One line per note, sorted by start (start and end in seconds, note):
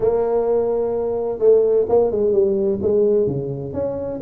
0.00 1.38 A#3
1.38 1.85 A3
1.88 2.11 A#3
2.11 2.32 G#3
2.32 2.79 G3
2.81 3.27 G#3
3.27 3.73 C#3
3.73 4.20 C#4